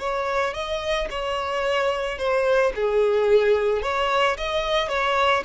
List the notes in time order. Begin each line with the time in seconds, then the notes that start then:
0.00 C#5
0.54 D#5
1.11 C#5
2.19 C5
2.76 G#4
3.83 C#5
4.38 D#5
4.89 C#5